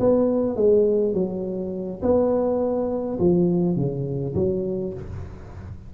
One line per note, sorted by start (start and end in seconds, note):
0.00 0.56 B3
0.56 1.14 G#3
1.14 2.01 F#3
2.02 3.19 B3
3.19 3.77 F3
3.77 4.35 C#3
4.35 4.93 F#3